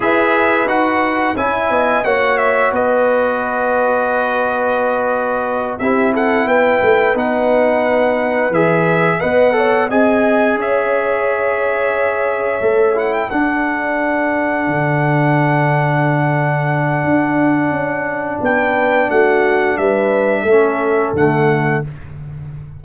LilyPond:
<<
  \new Staff \with { instrumentName = "trumpet" } { \time 4/4 \tempo 4 = 88 e''4 fis''4 gis''4 fis''8 e''8 | dis''1~ | dis''8 e''8 fis''8 g''4 fis''4.~ | fis''8 e''4 fis''4 gis''4 e''8~ |
e''2. fis''16 g''16 fis''8~ | fis''1~ | fis''2. g''4 | fis''4 e''2 fis''4 | }
  \new Staff \with { instrumentName = "horn" } { \time 4/4 b'2 e''8 dis''8 cis''4 | b'1~ | b'8 g'8 a'8 b'2~ b'8~ | b'4. dis''8 cis''8 dis''4 cis''8~ |
cis''2.~ cis''8 a'8~ | a'1~ | a'2. b'4 | fis'4 b'4 a'2 | }
  \new Staff \with { instrumentName = "trombone" } { \time 4/4 gis'4 fis'4 e'4 fis'4~ | fis'1~ | fis'8 e'2 dis'4.~ | dis'8 gis'4 b'8 a'8 gis'4.~ |
gis'2~ gis'8 a'8 e'8 d'8~ | d'1~ | d'1~ | d'2 cis'4 a4 | }
  \new Staff \with { instrumentName = "tuba" } { \time 4/4 e'4 dis'4 cis'8 b8 ais4 | b1~ | b8 c'4 b8 a8 b4.~ | b8 e4 b4 c'4 cis'8~ |
cis'2~ cis'8 a4 d'8~ | d'4. d2~ d8~ | d4 d'4 cis'4 b4 | a4 g4 a4 d4 | }
>>